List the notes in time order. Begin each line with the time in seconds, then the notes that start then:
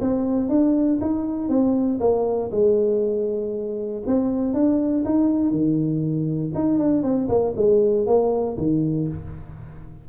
0.00 C4
0.49 D4
1.01 D#4
1.49 C4
2.00 A#3
2.51 G#3
4.06 C4
4.53 D4
5.05 D#4
5.51 D#3
6.54 D#4
6.78 D4
7.02 C4
7.28 A#3
7.56 G#3
8.06 A#3
8.57 D#3